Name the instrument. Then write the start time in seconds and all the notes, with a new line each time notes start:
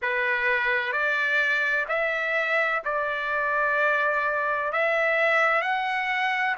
trumpet
0.02 B4
0.92 D5
1.88 E5
2.85 D5
4.72 E5
5.61 F#5